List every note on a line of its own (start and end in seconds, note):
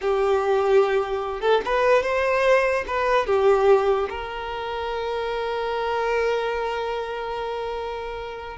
0.01 1.40 G4
1.40 1.61 A4
1.65 2.03 B4
2.03 2.84 C5
2.87 3.26 B4
3.26 4.08 G4
4.09 8.57 A#4